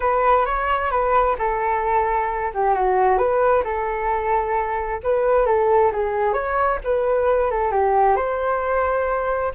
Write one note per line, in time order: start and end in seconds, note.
0.00 0.45 B4
0.45 0.90 C#5
0.90 1.36 B4
1.38 2.51 A4
2.53 2.74 G4
2.74 3.18 F#4
3.18 3.63 B4
3.64 5.00 A4
5.03 5.46 B4
5.46 5.91 A4
5.92 6.33 G#4
6.33 6.78 C#5
6.84 7.51 B4
7.51 7.71 A4
7.71 8.16 G4
8.16 9.52 C5